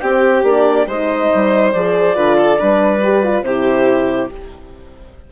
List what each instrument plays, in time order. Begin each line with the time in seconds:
0.00 horn C4, bassoon C4, violin G4, clarinet G5
0.43 bassoon A#3, horn D4, clarinet D5
0.87 bassoon G#3, horn D#4, violin C5, clarinet D#5
1.34 bassoon G3
1.72 bassoon F3, horn G#4, clarinet D5
2.14 bassoon D3, horn F4, violin B4
2.37 violin A4
2.57 bassoon G3, horn D4, violin B4
3.03 horn G4
3.23 horn F4
3.42 bassoon C3, horn E4, violin G4, clarinet C5